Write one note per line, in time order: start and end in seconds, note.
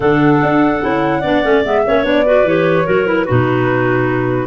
0.00 0.41 D3
0.00 0.81 D4
0.00 1.19 A4
0.00 1.62 F#5
0.42 0.83 D4
0.81 1.24 C#4
0.81 1.22 E4
1.19 1.44 B3
1.19 1.43 D4
1.19 1.80 D5
1.43 1.64 A3
1.43 1.64 C#4
1.64 1.84 G#3
1.64 1.85 B3
1.64 2.05 E5
1.86 2.04 A#3
1.86 2.03 C#4
1.86 2.25 C#5
2.03 2.44 B3
2.03 2.23 D4
2.03 2.48 D5
2.25 2.45 F#4
2.25 2.86 B4
2.44 2.85 E3
2.44 2.85 G4
2.44 3.07 C#5
2.85 3.28 F#3
2.85 3.06 F#4
2.85 3.25 A#4
3.06 3.26 E4
3.06 4.47 B4
3.25 4.47 B2
3.25 4.47 D#4
3.25 4.47 F#4